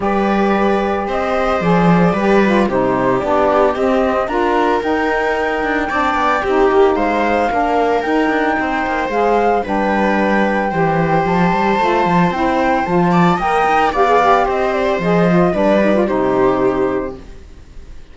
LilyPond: <<
  \new Staff \with { instrumentName = "flute" } { \time 4/4 \tempo 4 = 112 d''2 dis''4 d''4~ | d''4 c''4 d''4 dis''4 | ais''4 g''2.~ | g''4 f''2 g''4~ |
g''4 f''4 g''2~ | g''4 a''2 g''4 | a''4 g''4 f''4 dis''8 d''8 | dis''4 d''4 c''2 | }
  \new Staff \with { instrumentName = "viola" } { \time 4/4 b'2 c''2 | b'4 g'2. | ais'2. d''4 | g'4 c''4 ais'2 |
c''2 b'2 | c''1~ | c''8 d''8 dis''4 d''4 c''4~ | c''4 b'4 g'2 | }
  \new Staff \with { instrumentName = "saxophone" } { \time 4/4 g'2. gis'4 | g'8 f'8 dis'4 d'4 c'4 | f'4 dis'2 d'4 | dis'2 d'4 dis'4~ |
dis'4 gis'4 d'2 | g'2 f'4 e'4 | f'4 ais'4 g'16 gis'16 g'4. | gis'8 f'8 d'8 dis'16 f'16 dis'2 | }
  \new Staff \with { instrumentName = "cello" } { \time 4/4 g2 c'4 f4 | g4 c4 b4 c'4 | d'4 dis'4. d'8 c'8 b8 | c'8 ais8 gis4 ais4 dis'8 d'8 |
c'8 ais8 gis4 g2 | e4 f8 g8 a8 f8 c'4 | f4 ais8 dis'8 b4 c'4 | f4 g4 c2 | }
>>